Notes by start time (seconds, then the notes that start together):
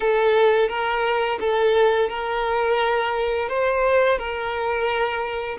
0.00 A4
0.68 A#4
1.40 A4
2.09 A#4
3.49 C5
4.18 A#4